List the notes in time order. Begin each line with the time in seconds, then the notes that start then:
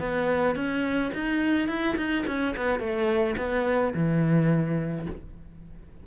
0.00 B3
0.56 C#4
1.14 D#4
1.68 E4
1.97 D#4
2.27 C#4
2.57 B3
2.80 A3
3.37 B3
3.94 E3